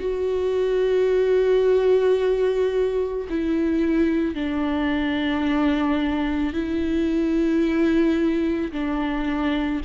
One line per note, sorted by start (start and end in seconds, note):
0.00 3.27 F#4
3.29 4.35 E4
4.35 6.53 D4
6.53 8.71 E4
8.72 9.81 D4